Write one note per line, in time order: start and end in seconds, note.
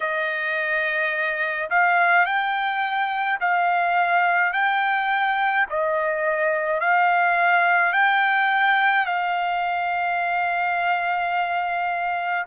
0.00 1.69 D#5
1.70 2.25 F5
2.25 3.39 G5
3.40 4.53 F5
4.53 5.66 G5
5.69 6.80 D#5
6.80 7.92 F5
7.92 9.06 G5
9.06 12.45 F5